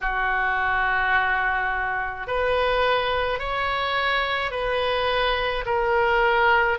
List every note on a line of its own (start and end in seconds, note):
0.01 2.27 F#4
2.27 3.39 B4
3.39 4.51 C#5
4.51 5.64 B4
5.66 6.78 A#4